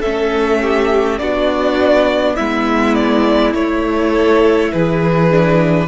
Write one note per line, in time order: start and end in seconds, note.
0.00 1.20 A3
0.00 1.21 C#4
0.00 0.59 A4
0.00 1.19 E5
0.62 1.20 G4
1.19 2.38 B3
1.19 2.38 D4
1.19 2.35 F#4
1.19 2.36 D5
2.35 3.54 G#3
2.35 3.54 B3
2.35 4.11 E4
2.35 2.95 E5
2.95 3.54 D5
3.54 4.72 A3
3.54 5.31 E4
3.54 4.72 C#5
4.11 4.69 A4
4.72 5.88 E3
4.72 5.88 G#4
4.72 5.88 B4
5.31 5.88 D4